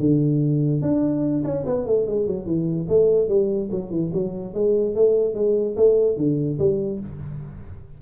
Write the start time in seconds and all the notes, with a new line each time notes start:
0.00 D3
0.82 D4
1.45 C#4
1.67 B3
1.87 A3
2.07 G#3
2.27 F#3
2.46 E3
2.89 A3
3.29 G3
3.72 F#3
3.91 E3
4.14 F#3
4.54 G#3
4.96 A3
5.35 G#3
5.77 A3
6.17 D3
6.59 G3